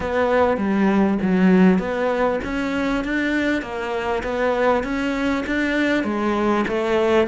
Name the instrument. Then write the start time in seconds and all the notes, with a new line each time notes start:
cello
0.00 B3
0.57 G3
1.21 F#3
1.79 B3
2.44 C#4
3.04 D4
3.62 A#3
4.23 B3
4.83 C#4
5.46 D4
6.04 G#3
6.67 A3